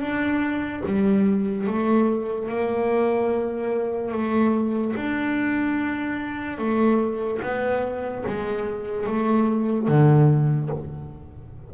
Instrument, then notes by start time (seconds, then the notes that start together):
double bass
0.00 D4
0.86 G3
1.67 A3
2.48 A#3
4.11 A3
4.96 D4
6.58 A3
7.42 B3
8.27 G#3
9.06 A3
9.87 D3